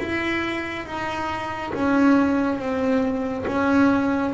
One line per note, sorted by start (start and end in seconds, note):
0.00 0.86 E4
0.86 1.73 D#4
1.74 2.58 C#4
2.58 3.45 C4
3.47 4.34 C#4